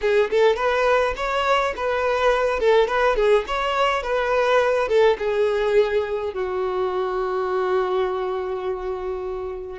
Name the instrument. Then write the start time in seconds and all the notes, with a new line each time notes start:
violin
0.01 G#4
0.30 A4
0.56 B4
1.16 C#5
1.76 B4
2.59 A4
2.87 B4
3.16 G#4
3.47 C#5
4.02 B4
4.88 A4
5.18 G#4
6.33 F#4